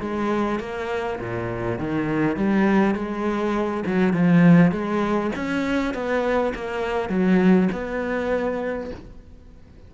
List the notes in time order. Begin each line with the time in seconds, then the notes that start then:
0.00 G#3
0.59 A#3
1.19 A#2
1.78 D#3
2.36 G3
2.94 G#3
3.86 F#3
4.13 F3
4.71 G#3
5.35 C#4
5.94 B3
6.54 A#3
7.09 F#3
7.71 B3